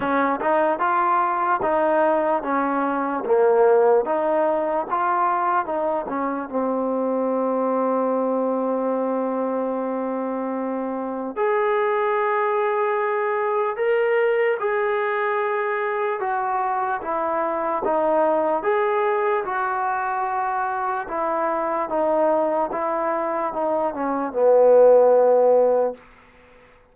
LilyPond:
\new Staff \with { instrumentName = "trombone" } { \time 4/4 \tempo 4 = 74 cis'8 dis'8 f'4 dis'4 cis'4 | ais4 dis'4 f'4 dis'8 cis'8 | c'1~ | c'2 gis'2~ |
gis'4 ais'4 gis'2 | fis'4 e'4 dis'4 gis'4 | fis'2 e'4 dis'4 | e'4 dis'8 cis'8 b2 | }